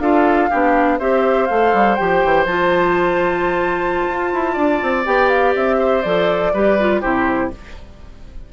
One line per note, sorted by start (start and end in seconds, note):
0.00 0.49 D4
0.00 0.50 F4
0.00 0.50 A4
0.00 0.99 F5
0.50 1.00 B3
0.50 1.00 D4
0.50 0.99 G4
0.99 1.50 C4
0.99 1.49 G4
0.99 4.53 C5
0.99 1.46 E5
1.46 1.74 A3
1.46 1.98 A4
1.46 1.95 F5
1.74 1.98 G3
1.95 2.25 F3
1.95 2.47 G4
1.95 2.45 G5
2.25 2.46 E3
2.46 4.06 F3
2.46 5.06 F4
2.46 5.04 A5
4.08 4.32 F4
4.34 4.57 E4
4.53 4.81 D4
4.53 5.76 D5
4.82 5.06 C4
5.06 5.55 B3
5.06 6.04 G4
5.06 5.29 G5
5.29 5.54 F5
5.55 6.05 C4
5.55 6.02 E5
5.79 6.53 C5
6.02 6.54 F3
6.02 6.54 A4
6.02 7.01 D5
6.54 7.03 G3
6.54 6.79 G4
6.54 7.01 B4
6.80 7.02 F4
7.01 7.53 C3
7.01 7.52 E4
7.01 7.51 G4
7.01 7.51 C5